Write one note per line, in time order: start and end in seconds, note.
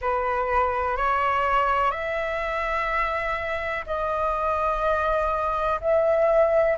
0.01 0.97 B4
0.97 1.91 C#5
1.91 3.84 E5
3.86 5.80 D#5
5.81 6.77 E5